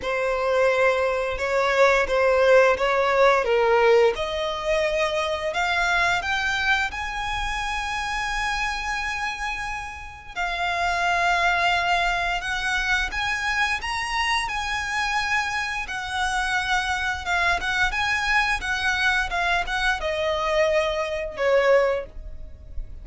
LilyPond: \new Staff \with { instrumentName = "violin" } { \time 4/4 \tempo 4 = 87 c''2 cis''4 c''4 | cis''4 ais'4 dis''2 | f''4 g''4 gis''2~ | gis''2. f''4~ |
f''2 fis''4 gis''4 | ais''4 gis''2 fis''4~ | fis''4 f''8 fis''8 gis''4 fis''4 | f''8 fis''8 dis''2 cis''4 | }